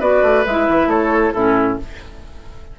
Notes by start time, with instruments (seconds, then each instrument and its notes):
0.00 bassoon B3, clarinet F#4, oboe B4, flute D5
0.23 bassoon A3
0.46 bassoon G#3, clarinet E4, flute E5
0.69 bassoon E3
0.87 bassoon A3, oboe A4, flute C#5
1.33 bassoon A2, clarinet C#4, oboe E4, flute A4